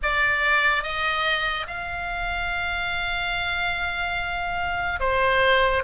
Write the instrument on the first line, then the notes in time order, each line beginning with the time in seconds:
oboe
0.02 D5
0.83 D#5
1.67 F5
5.00 C5